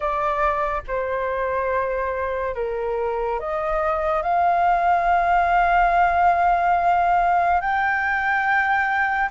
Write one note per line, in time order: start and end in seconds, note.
0.00 0.81 D5
0.87 2.55 C5
2.55 3.39 A#4
3.39 4.22 D#5
4.22 7.60 F5
7.60 9.29 G5